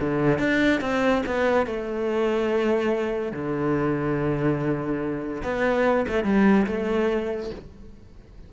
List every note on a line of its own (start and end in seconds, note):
0.00 0.39 D3
0.39 0.81 D4
0.81 1.23 C4
1.26 1.66 B3
1.66 3.33 A3
3.33 5.42 D3
5.43 6.06 B3
6.08 6.24 A3
6.24 6.66 G3
6.66 7.50 A3